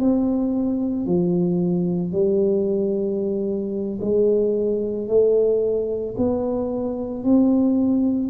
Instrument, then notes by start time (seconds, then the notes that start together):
tuba
0.00 C4
1.07 F3
2.12 G3
4.01 G#3
5.08 A3
6.18 B3
7.24 C4